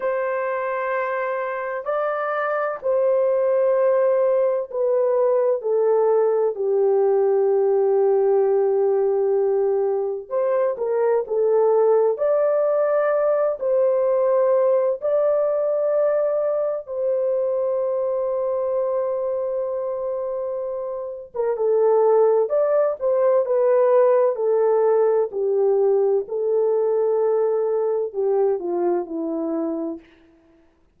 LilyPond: \new Staff \with { instrumentName = "horn" } { \time 4/4 \tempo 4 = 64 c''2 d''4 c''4~ | c''4 b'4 a'4 g'4~ | g'2. c''8 ais'8 | a'4 d''4. c''4. |
d''2 c''2~ | c''2~ c''8. ais'16 a'4 | d''8 c''8 b'4 a'4 g'4 | a'2 g'8 f'8 e'4 | }